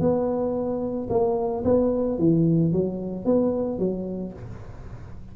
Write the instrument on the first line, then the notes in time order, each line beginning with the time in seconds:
tuba
0.00 B3
1.10 A#3
1.64 B3
2.19 E3
2.72 F#3
3.25 B3
3.79 F#3